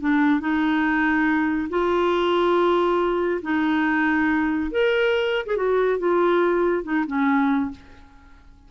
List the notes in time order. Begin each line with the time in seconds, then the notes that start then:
0.00 D4
0.40 D#4
1.69 F4
3.42 D#4
4.71 A#4
5.46 G#4
5.56 F#4
5.98 F4
6.83 D#4
7.06 C#4